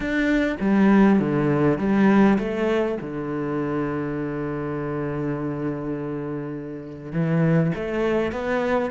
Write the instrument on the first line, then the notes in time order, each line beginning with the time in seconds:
cello
0.00 D4
0.60 G3
1.19 D3
1.78 G3
2.38 A3
3.00 D3
7.12 E3
7.75 A3
8.32 B3